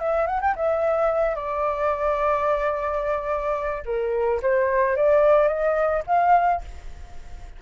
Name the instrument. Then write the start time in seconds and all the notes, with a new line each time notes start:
flute
0.00 E5
0.27 F#5
0.42 G5
0.56 E5
1.36 D5
3.86 A#4
4.43 C5
4.96 D5
5.48 D#5
6.07 F5